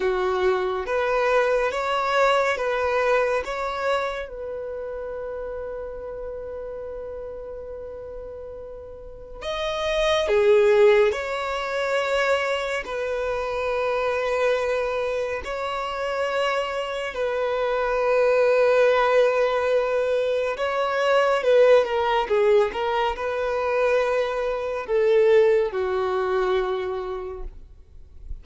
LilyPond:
\new Staff \with { instrumentName = "violin" } { \time 4/4 \tempo 4 = 70 fis'4 b'4 cis''4 b'4 | cis''4 b'2.~ | b'2. dis''4 | gis'4 cis''2 b'4~ |
b'2 cis''2 | b'1 | cis''4 b'8 ais'8 gis'8 ais'8 b'4~ | b'4 a'4 fis'2 | }